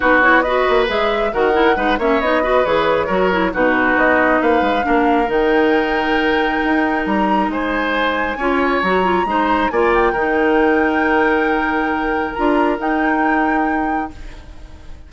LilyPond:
<<
  \new Staff \with { instrumentName = "flute" } { \time 4/4 \tempo 4 = 136 b'8 cis''8 dis''4 e''4 fis''4~ | fis''8 e''8 dis''4 cis''2 | b'4 dis''4 f''2 | g''1 |
ais''4 gis''2. | ais''2 gis''8 g''4.~ | g''1 | ais''4 g''2. | }
  \new Staff \with { instrumentName = "oboe" } { \time 4/4 fis'4 b'2 ais'4 | b'8 cis''4 b'4. ais'4 | fis'2 b'4 ais'4~ | ais'1~ |
ais'4 c''2 cis''4~ | cis''4 c''4 d''4 ais'4~ | ais'1~ | ais'1 | }
  \new Staff \with { instrumentName = "clarinet" } { \time 4/4 dis'8 e'8 fis'4 gis'4 fis'8 e'8 | dis'8 cis'8 dis'8 fis'8 gis'4 fis'8 e'8 | dis'2. d'4 | dis'1~ |
dis'2. f'4 | fis'8 f'8 dis'4 f'4 dis'4~ | dis'1 | f'4 dis'2. | }
  \new Staff \with { instrumentName = "bassoon" } { \time 4/4 b4. ais8 gis4 dis4 | gis8 ais8 b4 e4 fis4 | b,4 b4 ais8 gis8 ais4 | dis2. dis'4 |
g4 gis2 cis'4 | fis4 gis4 ais4 dis4~ | dis1 | d'4 dis'2. | }
>>